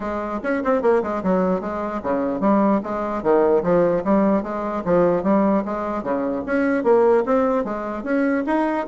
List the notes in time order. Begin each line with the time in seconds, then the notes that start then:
0.00 G#3
0.43 C#4
0.64 C4
0.82 A#3
1.03 G#3
1.23 F#3
1.60 G#3
2.02 C#3
2.40 G3
2.83 G#3
3.22 D#3
3.63 F3
4.04 G3
4.42 G#3
4.84 F3
5.23 G3
5.65 G#3
6.03 C#3
6.46 C#4
6.83 A#3
7.25 C4
7.64 G#3
8.03 C#4
8.46 D#4